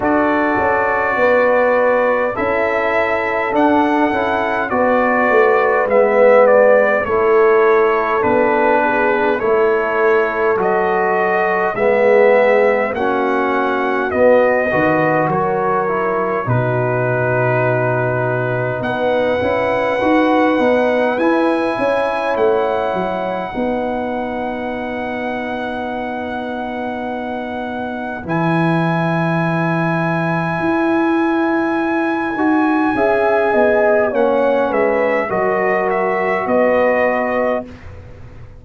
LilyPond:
<<
  \new Staff \with { instrumentName = "trumpet" } { \time 4/4 \tempo 4 = 51 d''2 e''4 fis''4 | d''4 e''8 d''8 cis''4 b'4 | cis''4 dis''4 e''4 fis''4 | dis''4 cis''4 b'2 |
fis''2 gis''4 fis''4~ | fis''1 | gis''1~ | gis''4 fis''8 e''8 dis''8 e''8 dis''4 | }
  \new Staff \with { instrumentName = "horn" } { \time 4/4 a'4 b'4 a'2 | b'2 a'4. gis'8 | a'2 gis'4 fis'4~ | fis'8 b'8 ais'4 fis'2 |
b'2~ b'8 cis''4. | b'1~ | b'1 | e''8 dis''8 cis''8 b'8 ais'4 b'4 | }
  \new Staff \with { instrumentName = "trombone" } { \time 4/4 fis'2 e'4 d'8 e'8 | fis'4 b4 e'4 d'4 | e'4 fis'4 b4 cis'4 | b8 fis'4 e'8 dis'2~ |
dis'8 e'8 fis'8 dis'8 e'2 | dis'1 | e'2.~ e'8 fis'8 | gis'4 cis'4 fis'2 | }
  \new Staff \with { instrumentName = "tuba" } { \time 4/4 d'8 cis'8 b4 cis'4 d'8 cis'8 | b8 a8 gis4 a4 b4 | a4 fis4 gis4 ais4 | b8 dis8 fis4 b,2 |
b8 cis'8 dis'8 b8 e'8 cis'8 a8 fis8 | b1 | e2 e'4. dis'8 | cis'8 b8 ais8 gis8 fis4 b4 | }
>>